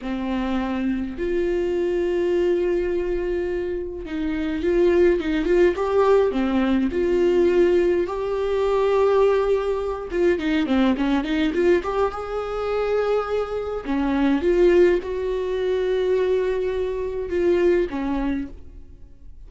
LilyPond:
\new Staff \with { instrumentName = "viola" } { \time 4/4 \tempo 4 = 104 c'2 f'2~ | f'2. dis'4 | f'4 dis'8 f'8 g'4 c'4 | f'2 g'2~ |
g'4. f'8 dis'8 c'8 cis'8 dis'8 | f'8 g'8 gis'2. | cis'4 f'4 fis'2~ | fis'2 f'4 cis'4 | }